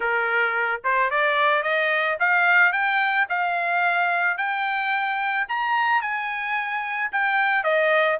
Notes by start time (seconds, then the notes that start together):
0.00 A#4
0.84 C5
1.10 D5
1.62 D#5
2.19 F5
2.72 G5
3.29 F5
4.37 G5
5.48 A#5
6.01 G#5
7.12 G5
7.63 D#5